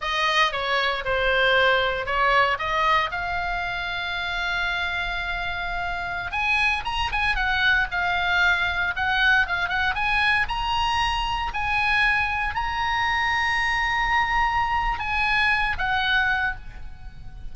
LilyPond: \new Staff \with { instrumentName = "oboe" } { \time 4/4 \tempo 4 = 116 dis''4 cis''4 c''2 | cis''4 dis''4 f''2~ | f''1~ | f''16 gis''4 ais''8 gis''8 fis''4 f''8.~ |
f''4~ f''16 fis''4 f''8 fis''8 gis''8.~ | gis''16 ais''2 gis''4.~ gis''16~ | gis''16 ais''2.~ ais''8.~ | ais''4 gis''4. fis''4. | }